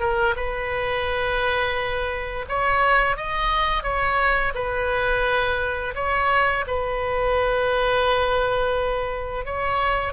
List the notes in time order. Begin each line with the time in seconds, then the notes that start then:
0.00 A#4
0.36 B4
2.48 C#5
3.17 D#5
3.83 C#5
4.55 B4
5.95 C#5
6.67 B4
9.45 C#5